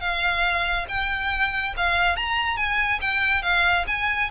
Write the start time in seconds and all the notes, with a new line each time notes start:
0.00 F5
0.88 G5
1.76 F5
2.16 A#5
2.57 G#5
3.01 G5
3.42 F5
3.87 G#5